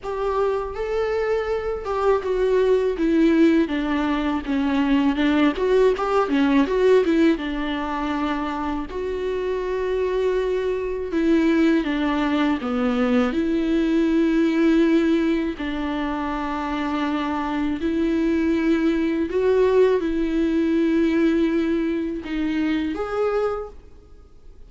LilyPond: \new Staff \with { instrumentName = "viola" } { \time 4/4 \tempo 4 = 81 g'4 a'4. g'8 fis'4 | e'4 d'4 cis'4 d'8 fis'8 | g'8 cis'8 fis'8 e'8 d'2 | fis'2. e'4 |
d'4 b4 e'2~ | e'4 d'2. | e'2 fis'4 e'4~ | e'2 dis'4 gis'4 | }